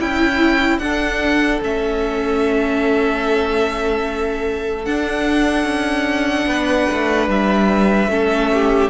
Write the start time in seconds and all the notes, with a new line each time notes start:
0.00 C#4 E4 G5
0.78 D4 A4 F#5
1.62 A3 C#4 E5
4.85 D4 F#5
5.64 C#4
6.46 B3 B4
6.93 A3
7.28 G3 E5
8.07 A3 C#4 A4
8.53 G4